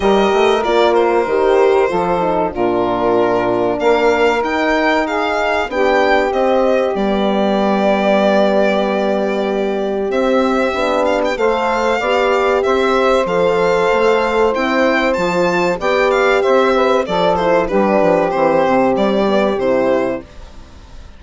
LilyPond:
<<
  \new Staff \with { instrumentName = "violin" } { \time 4/4 \tempo 4 = 95 dis''4 d''8 c''2~ c''8 | ais'2 f''4 g''4 | f''4 g''4 dis''4 d''4~ | d''1 |
e''4. f''16 g''16 f''2 | e''4 f''2 g''4 | a''4 g''8 f''8 e''4 d''8 c''8 | b'4 c''4 d''4 c''4 | }
  \new Staff \with { instrumentName = "saxophone" } { \time 4/4 ais'2. a'4 | f'2 ais'2 | gis'4 g'2.~ | g'1~ |
g'2 c''4 d''4 | c''1~ | c''4 d''4 c''8 b'8 a'4 | g'1 | }
  \new Staff \with { instrumentName = "horn" } { \time 4/4 g'4 f'4 g'4 f'8 dis'8 | d'2. dis'4~ | dis'4 d'4 c'4 b4~ | b1 |
c'4 d'4 a'4 g'4~ | g'4 a'2 e'4 | f'4 g'2 a'8 e'8 | d'4 c'4. b8 e'4 | }
  \new Staff \with { instrumentName = "bassoon" } { \time 4/4 g8 a8 ais4 dis4 f4 | ais,2 ais4 dis'4~ | dis'4 b4 c'4 g4~ | g1 |
c'4 b4 a4 b4 | c'4 f4 a4 c'4 | f4 b4 c'4 f4 | g8 f8 e8 c8 g4 c4 | }
>>